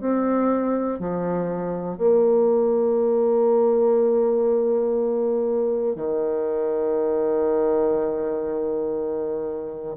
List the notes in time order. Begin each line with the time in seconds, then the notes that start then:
0.00 C4
0.99 F3
1.98 A#3
5.96 D#3